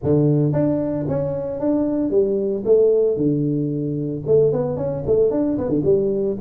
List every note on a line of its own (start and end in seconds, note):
0.03 0.52 D3
0.52 1.05 D4
1.08 1.60 C#4
1.60 2.10 D4
2.10 2.63 G3
2.65 3.16 A3
3.16 4.22 D3
4.26 4.52 A3
4.52 4.76 B3
4.76 5.03 C#4
5.06 5.30 A3
5.30 5.57 D4
5.58 5.68 B3
5.68 5.82 D3
5.84 6.37 G3